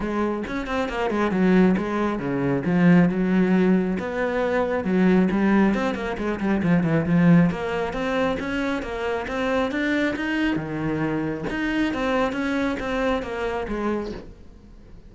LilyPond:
\new Staff \with { instrumentName = "cello" } { \time 4/4 \tempo 4 = 136 gis4 cis'8 c'8 ais8 gis8 fis4 | gis4 cis4 f4 fis4~ | fis4 b2 fis4 | g4 c'8 ais8 gis8 g8 f8 e8 |
f4 ais4 c'4 cis'4 | ais4 c'4 d'4 dis'4 | dis2 dis'4 c'4 | cis'4 c'4 ais4 gis4 | }